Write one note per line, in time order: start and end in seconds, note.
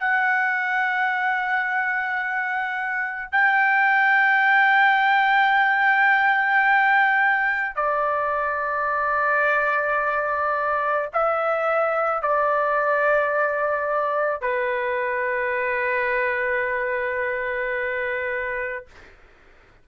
0.00 3.32 F#5
3.32 7.76 G5
7.76 11.09 D5
11.14 12.22 E5
12.22 14.41 D5
14.41 18.86 B4